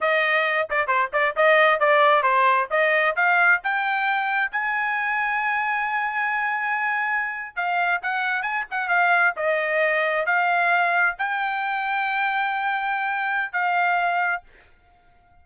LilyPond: \new Staff \with { instrumentName = "trumpet" } { \time 4/4 \tempo 4 = 133 dis''4. d''8 c''8 d''8 dis''4 | d''4 c''4 dis''4 f''4 | g''2 gis''2~ | gis''1~ |
gis''8. f''4 fis''4 gis''8 fis''8 f''16~ | f''8. dis''2 f''4~ f''16~ | f''8. g''2.~ g''16~ | g''2 f''2 | }